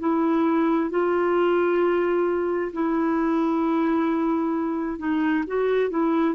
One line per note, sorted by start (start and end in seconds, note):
0.00 0.90 E4
0.90 2.72 F4
2.73 4.99 E4
4.99 5.44 D#4
5.47 5.90 F#4
5.90 6.35 E4